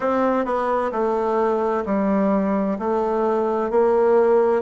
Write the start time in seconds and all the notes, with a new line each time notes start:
0.00 C4
0.45 B3
0.91 A3
1.85 G3
2.79 A3
3.70 A#3